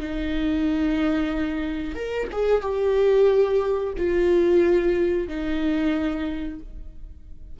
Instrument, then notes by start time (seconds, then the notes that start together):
viola
0.00 D#4
1.95 A#4
2.32 G#4
2.61 G4
3.97 F4
5.28 D#4